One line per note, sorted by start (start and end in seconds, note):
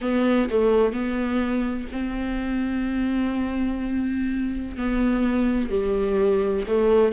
0.01 0.48 B3
0.49 0.93 A3
0.93 1.88 B3
1.91 4.77 C4
4.77 5.70 B3
5.70 6.65 G3
6.67 7.12 A3